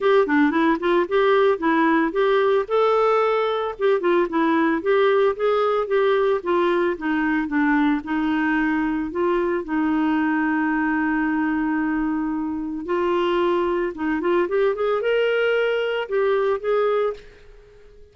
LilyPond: \new Staff \with { instrumentName = "clarinet" } { \time 4/4 \tempo 4 = 112 g'8 d'8 e'8 f'8 g'4 e'4 | g'4 a'2 g'8 f'8 | e'4 g'4 gis'4 g'4 | f'4 dis'4 d'4 dis'4~ |
dis'4 f'4 dis'2~ | dis'1 | f'2 dis'8 f'8 g'8 gis'8 | ais'2 g'4 gis'4 | }